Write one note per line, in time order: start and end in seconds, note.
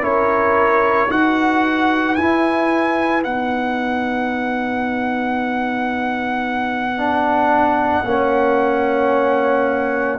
0.00 1.07 C#4
0.00 1.09 E4
0.00 1.10 A#4
0.00 1.11 C#5
1.10 2.17 D#4
1.10 2.17 F#4
1.10 8.07 B4
1.10 2.15 F#5
2.15 3.23 E4
2.15 3.25 E4
2.15 3.22 G#5
3.23 8.05 B3
3.23 6.97 D#4
3.23 10.19 F#5
6.97 8.04 D4
8.05 10.19 A#3
8.05 10.19 C#4
8.05 10.19 C#5